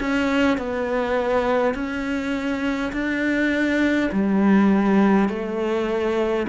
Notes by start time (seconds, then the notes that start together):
0.00 C#4
0.58 B3
1.74 C#4
2.93 D4
4.12 G3
5.29 A3